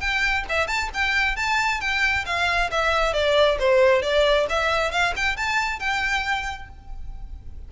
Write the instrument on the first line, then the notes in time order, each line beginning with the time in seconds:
violin
0.00 G5
0.49 E5
0.67 A5
0.94 G5
1.36 A5
1.81 G5
2.26 F5
2.71 E5
3.13 D5
3.59 C5
4.02 D5
4.49 E5
4.92 F5
5.16 G5
5.36 A5
5.79 G5